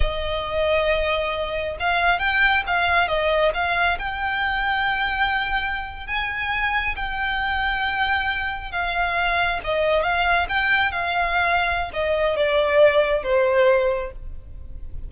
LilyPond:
\new Staff \with { instrumentName = "violin" } { \time 4/4 \tempo 4 = 136 dis''1 | f''4 g''4 f''4 dis''4 | f''4 g''2.~ | g''4.~ g''16 gis''2 g''16~ |
g''2.~ g''8. f''16~ | f''4.~ f''16 dis''4 f''4 g''16~ | g''8. f''2~ f''16 dis''4 | d''2 c''2 | }